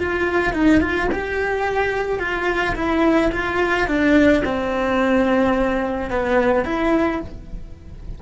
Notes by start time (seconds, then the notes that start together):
0.00 F4
0.54 D#4
0.81 F4
1.12 G4
2.20 F4
2.76 E4
3.33 F4
3.88 D4
4.45 C4
6.11 B3
6.66 E4